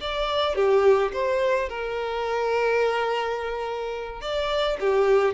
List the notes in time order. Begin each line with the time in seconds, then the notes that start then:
0.00 D5
0.55 G4
1.13 C5
1.69 A#4
4.21 D5
4.80 G4